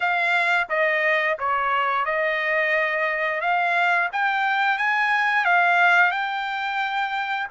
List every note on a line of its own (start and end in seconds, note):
0.00 0.67 F5
0.69 1.37 D#5
1.38 2.05 C#5
2.05 3.41 D#5
3.41 4.09 F5
4.12 4.78 G5
4.78 5.44 G#5
5.44 6.11 F5
6.11 7.47 G5